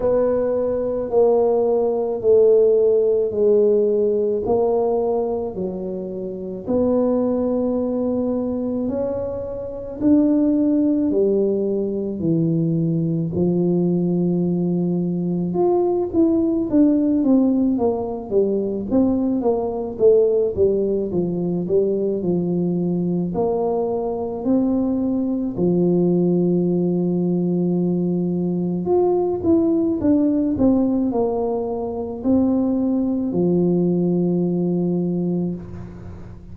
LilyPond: \new Staff \with { instrumentName = "tuba" } { \time 4/4 \tempo 4 = 54 b4 ais4 a4 gis4 | ais4 fis4 b2 | cis'4 d'4 g4 e4 | f2 f'8 e'8 d'8 c'8 |
ais8 g8 c'8 ais8 a8 g8 f8 g8 | f4 ais4 c'4 f4~ | f2 f'8 e'8 d'8 c'8 | ais4 c'4 f2 | }